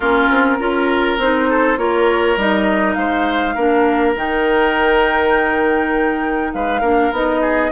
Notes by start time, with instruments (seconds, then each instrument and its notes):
0.00 bassoon A#3, clarinet C#4, oboe F4, flute A#4
0.29 bassoon C4
0.59 bassoon C#4, clarinet F4, oboe A#4
1.17 bassoon C4, clarinet D#4, flute C5
1.49 oboe A4
1.77 bassoon A#3, clarinet F4, oboe A#4, flute C#5
2.36 bassoon G3, clarinet D#4, flute D#5
2.93 bassoon G#3, oboe C5, flute F5
3.54 bassoon A#3, clarinet D4, oboe A#4
4.15 bassoon D#3, clarinet D#4, flute G5
6.53 bassoon G#3, oboe B4, flute F5
6.81 bassoon A#3, clarinet D4, oboe A#4
7.11 bassoon B3, clarinet D#4, flute D#5
7.41 oboe G#4